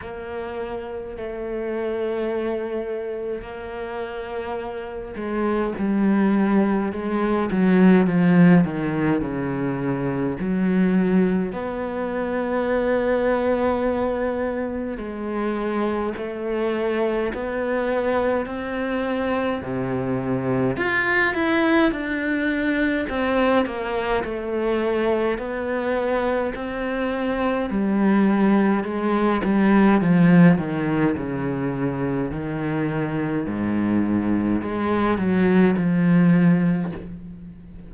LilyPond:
\new Staff \with { instrumentName = "cello" } { \time 4/4 \tempo 4 = 52 ais4 a2 ais4~ | ais8 gis8 g4 gis8 fis8 f8 dis8 | cis4 fis4 b2~ | b4 gis4 a4 b4 |
c'4 c4 f'8 e'8 d'4 | c'8 ais8 a4 b4 c'4 | g4 gis8 g8 f8 dis8 cis4 | dis4 gis,4 gis8 fis8 f4 | }